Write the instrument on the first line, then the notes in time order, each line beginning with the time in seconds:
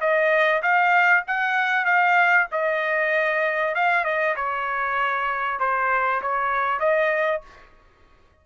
trumpet
0.00 D#5
0.62 F5
1.27 F#5
1.85 F5
2.52 D#5
3.75 F5
4.04 D#5
4.36 C#5
5.60 C5
6.22 C#5
6.80 D#5